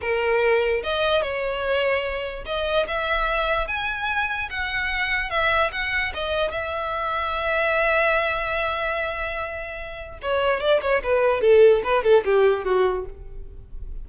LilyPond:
\new Staff \with { instrumentName = "violin" } { \time 4/4 \tempo 4 = 147 ais'2 dis''4 cis''4~ | cis''2 dis''4 e''4~ | e''4 gis''2 fis''4~ | fis''4 e''4 fis''4 dis''4 |
e''1~ | e''1~ | e''4 cis''4 d''8 cis''8 b'4 | a'4 b'8 a'8 g'4 fis'4 | }